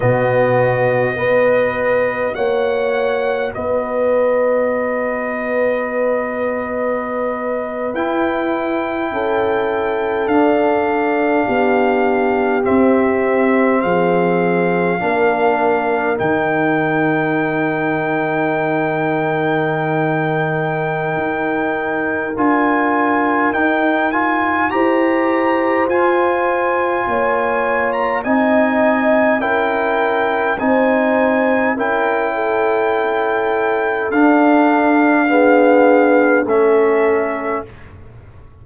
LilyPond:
<<
  \new Staff \with { instrumentName = "trumpet" } { \time 4/4 \tempo 4 = 51 dis''2 fis''4 dis''4~ | dis''2~ dis''8. g''4~ g''16~ | g''8. f''2 e''4 f''16~ | f''4.~ f''16 g''2~ g''16~ |
g''2. gis''4 | g''8 gis''8 ais''4 gis''4.~ gis''16 ais''16 | gis''4 g''4 gis''4 g''4~ | g''4 f''2 e''4 | }
  \new Staff \with { instrumentName = "horn" } { \time 4/4 fis'4 b'4 cis''4 b'4~ | b'2.~ b'8. a'16~ | a'4.~ a'16 g'2 gis'16~ | gis'8. ais'2.~ ais'16~ |
ais'1~ | ais'4 c''2 cis''4 | dis''4 ais'4 c''4 ais'8 a'8~ | a'2 gis'4 a'4 | }
  \new Staff \with { instrumentName = "trombone" } { \time 4/4 b4 fis'2.~ | fis'2~ fis'8. e'4~ e'16~ | e'8. d'2 c'4~ c'16~ | c'8. d'4 dis'2~ dis'16~ |
dis'2. f'4 | dis'8 f'8 g'4 f'2 | dis'4 e'4 dis'4 e'4~ | e'4 d'4 b4 cis'4 | }
  \new Staff \with { instrumentName = "tuba" } { \time 4/4 b,4 b4 ais4 b4~ | b2~ b8. e'4 cis'16~ | cis'8. d'4 b4 c'4 f16~ | f8. ais4 dis2~ dis16~ |
dis2 dis'4 d'4 | dis'4 e'4 f'4 ais4 | c'4 cis'4 c'4 cis'4~ | cis'4 d'2 a4 | }
>>